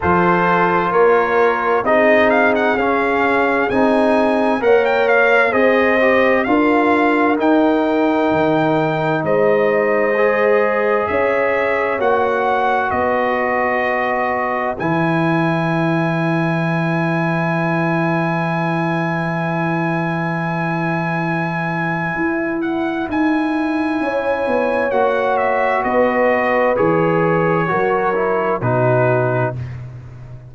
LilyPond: <<
  \new Staff \with { instrumentName = "trumpet" } { \time 4/4 \tempo 4 = 65 c''4 cis''4 dis''8 f''16 fis''16 f''4 | gis''4 fis''16 g''16 f''8 dis''4 f''4 | g''2 dis''2 | e''4 fis''4 dis''2 |
gis''1~ | gis''1~ | gis''8 fis''8 gis''2 fis''8 e''8 | dis''4 cis''2 b'4 | }
  \new Staff \with { instrumentName = "horn" } { \time 4/4 a'4 ais'4 gis'2~ | gis'4 cis''4 c''4 ais'4~ | ais'2 c''2 | cis''2 b'2~ |
b'1~ | b'1~ | b'2 cis''2 | b'2 ais'4 fis'4 | }
  \new Staff \with { instrumentName = "trombone" } { \time 4/4 f'2 dis'4 cis'4 | dis'4 ais'4 gis'8 g'8 f'4 | dis'2. gis'4~ | gis'4 fis'2. |
e'1~ | e'1~ | e'2. fis'4~ | fis'4 gis'4 fis'8 e'8 dis'4 | }
  \new Staff \with { instrumentName = "tuba" } { \time 4/4 f4 ais4 c'4 cis'4 | c'4 ais4 c'4 d'4 | dis'4 dis4 gis2 | cis'4 ais4 b2 |
e1~ | e1 | e'4 dis'4 cis'8 b8 ais4 | b4 e4 fis4 b,4 | }
>>